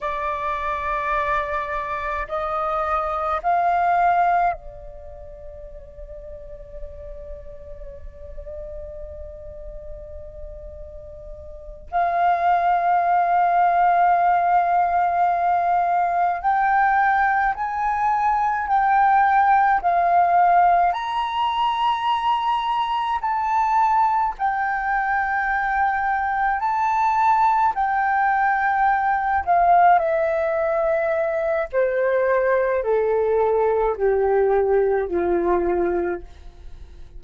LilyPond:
\new Staff \with { instrumentName = "flute" } { \time 4/4 \tempo 4 = 53 d''2 dis''4 f''4 | d''1~ | d''2~ d''8 f''4.~ | f''2~ f''8 g''4 gis''8~ |
gis''8 g''4 f''4 ais''4.~ | ais''8 a''4 g''2 a''8~ | a''8 g''4. f''8 e''4. | c''4 a'4 g'4 f'4 | }